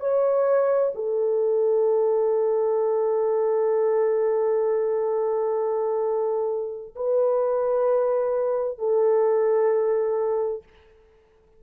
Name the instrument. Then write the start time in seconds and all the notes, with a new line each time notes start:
horn
0.00 C#5
0.95 A4
6.96 B4
8.79 A4